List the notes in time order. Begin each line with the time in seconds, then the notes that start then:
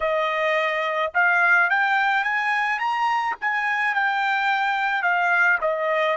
0.00 D#5
1.13 F5
1.69 G5
2.24 G#5
2.79 A#5
3.41 G#5
3.94 G5
5.02 F5
5.61 D#5